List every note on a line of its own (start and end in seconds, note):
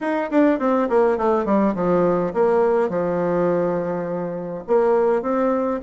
0.01 0.30 D#4
0.30 0.59 D4
0.59 0.88 C4
0.89 1.17 A#3
1.17 1.45 A3
1.45 1.74 G3
1.74 2.33 F3
2.33 2.89 A#3
2.89 4.64 F3
4.67 5.22 A#3
5.22 5.80 C4